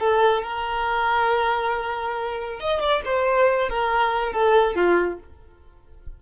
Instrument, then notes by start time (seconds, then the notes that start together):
violin
0.00 A4
0.43 A#4
2.61 D#5
2.80 D5
3.06 C5
3.70 A#4
4.33 A4
4.76 F4